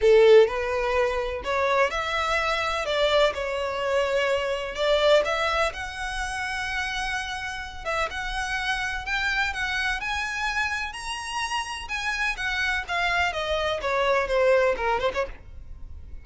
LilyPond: \new Staff \with { instrumentName = "violin" } { \time 4/4 \tempo 4 = 126 a'4 b'2 cis''4 | e''2 d''4 cis''4~ | cis''2 d''4 e''4 | fis''1~ |
fis''8 e''8 fis''2 g''4 | fis''4 gis''2 ais''4~ | ais''4 gis''4 fis''4 f''4 | dis''4 cis''4 c''4 ais'8 c''16 cis''16 | }